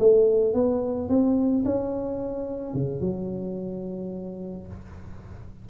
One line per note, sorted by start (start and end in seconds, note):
0.00 0.55 A3
0.55 1.09 B3
1.09 1.65 C4
1.66 2.74 C#4
2.74 3.01 C#3
3.01 4.68 F#3